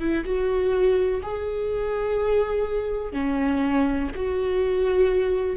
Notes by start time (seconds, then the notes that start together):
0.00 E4
0.25 F#4
1.23 G#4
3.13 C#4
4.15 F#4